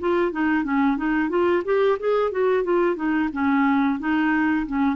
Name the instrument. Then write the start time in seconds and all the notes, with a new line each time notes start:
clarinet
0.00 F4
0.32 D#4
0.64 C#4
0.97 D#4
1.30 F4
1.65 G4
2.00 G#4
2.32 F#4
2.64 F4
2.96 D#4
3.33 C#4
4.00 D#4
4.67 C#4